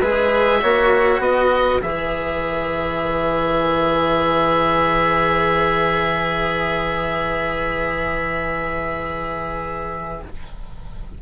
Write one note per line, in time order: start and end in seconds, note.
0.00 0.63 G#3
0.00 0.62 G#4
0.00 0.60 B4
0.00 1.21 E5
0.62 1.19 A#3
0.62 1.82 F#4
0.62 1.23 C#5
1.19 1.79 B3
1.19 10.23 B4
1.19 1.82 D#5
1.82 10.22 E3
1.82 10.22 G#4
1.82 10.22 E5